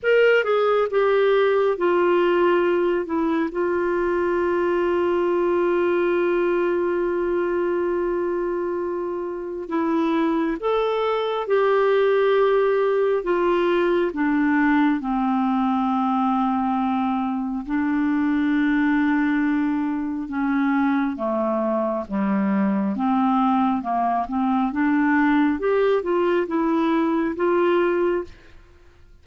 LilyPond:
\new Staff \with { instrumentName = "clarinet" } { \time 4/4 \tempo 4 = 68 ais'8 gis'8 g'4 f'4. e'8 | f'1~ | f'2. e'4 | a'4 g'2 f'4 |
d'4 c'2. | d'2. cis'4 | a4 g4 c'4 ais8 c'8 | d'4 g'8 f'8 e'4 f'4 | }